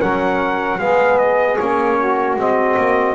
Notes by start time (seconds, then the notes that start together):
0.00 F#3 C#4 A#4 F#5
0.78 G#3 B3 G#4 F5
1.18 D#5
1.57 A#3 C#4 C#5
1.98 F#4
2.36 G#3 C4 D#5
2.76 A#3